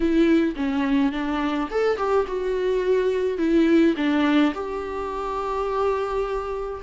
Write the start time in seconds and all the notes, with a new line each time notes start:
0.00 E4
0.56 C#4
1.12 D4
1.70 A4
1.97 G4
2.27 F#4
3.38 E4
3.96 D4
4.54 G4